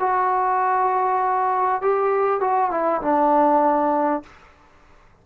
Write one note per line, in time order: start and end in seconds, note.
0.00 1.82 F#4
1.82 2.41 G4
2.41 2.71 F#4
2.71 3.02 E4
3.02 4.23 D4